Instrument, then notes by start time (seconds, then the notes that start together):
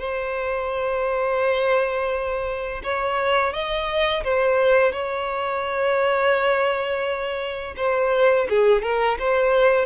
violin
0.00 C5
2.84 C#5
3.54 D#5
4.24 C5
4.93 C#5
7.77 C5
8.50 G#4
8.83 A#4
9.20 C5